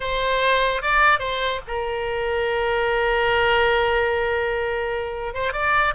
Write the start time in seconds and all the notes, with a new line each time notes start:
0.00 C5
0.82 D5
1.19 C5
1.67 A#4
5.33 C5
5.53 D5